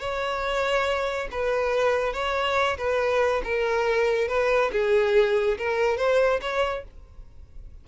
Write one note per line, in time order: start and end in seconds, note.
0.00 1.29 C#5
1.32 2.14 B4
2.14 2.78 C#5
2.78 3.42 B4
3.44 4.29 A#4
4.29 4.71 B4
4.72 5.58 G#4
5.59 5.98 A#4
5.98 6.41 C5
6.41 6.84 C#5